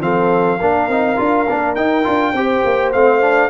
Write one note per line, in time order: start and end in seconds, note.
0.00 0.58 F3
0.00 0.59 C4
0.00 0.59 A4
0.00 1.75 F5
0.59 0.88 A#3
0.59 0.90 D4
0.59 2.34 A#4
0.88 1.18 C4
0.88 1.16 D#4
1.16 1.48 D4
1.16 1.45 F4
1.49 1.76 A#3
1.49 1.76 D4
1.75 2.05 D#4
1.75 2.03 D#4
1.75 2.92 G5
2.03 2.33 D4
2.03 2.32 F4
2.33 2.62 C4
2.33 2.94 G4
2.33 3.50 C5
2.65 2.94 A#3
2.92 3.50 A3
2.92 3.21 C4
2.92 3.50 F5
3.21 3.50 D4